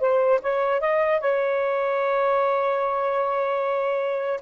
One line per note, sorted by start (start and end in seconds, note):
0.00 0.40 C5
0.41 0.80 C#5
0.80 1.20 D#5
1.20 4.40 C#5